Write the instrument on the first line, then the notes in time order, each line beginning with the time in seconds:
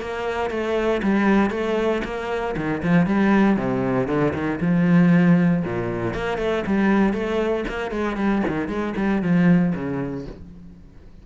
cello
0.00 A#3
0.50 A3
1.02 G3
1.50 A3
2.04 A#3
2.56 D#3
2.83 F3
3.06 G3
3.57 C3
4.07 D3
4.33 D#3
4.61 F3
5.64 A#2
6.14 A#3
6.38 A3
6.66 G3
7.13 A3
7.68 A#3
7.91 G#3
8.16 G3
8.47 D#3
8.68 G#3
8.97 G3
9.22 F3
9.75 C#3